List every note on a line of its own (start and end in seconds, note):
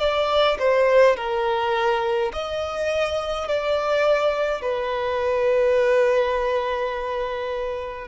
0.00 0.58 D5
0.59 1.17 C5
1.17 2.32 A#4
2.33 3.48 D#5
3.48 4.62 D5
4.62 8.08 B4